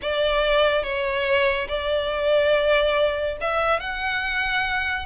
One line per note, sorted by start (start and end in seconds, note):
0.02 0.83 D5
0.83 1.67 C#5
1.68 3.37 D5
3.41 3.80 E5
3.80 5.06 F#5